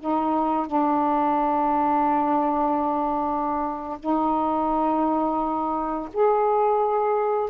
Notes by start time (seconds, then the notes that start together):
0.00 D#4
0.67 D4
4.00 D#4
6.13 G#4